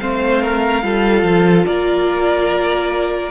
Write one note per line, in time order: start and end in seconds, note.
0.00 0.83 A3
0.00 0.83 C4
0.00 0.43 C5
0.00 1.66 F5
0.43 0.84 A#4
0.83 1.23 G3
0.83 3.31 F4
0.83 1.66 A4
1.23 1.64 F3
1.66 3.31 A#3
1.66 3.31 A#4
1.66 3.31 D5